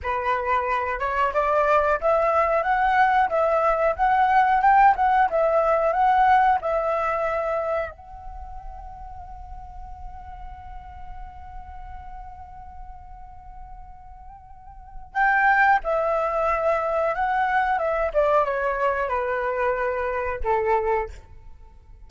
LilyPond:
\new Staff \with { instrumentName = "flute" } { \time 4/4 \tempo 4 = 91 b'4. cis''8 d''4 e''4 | fis''4 e''4 fis''4 g''8 fis''8 | e''4 fis''4 e''2 | fis''1~ |
fis''1~ | fis''2. g''4 | e''2 fis''4 e''8 d''8 | cis''4 b'2 a'4 | }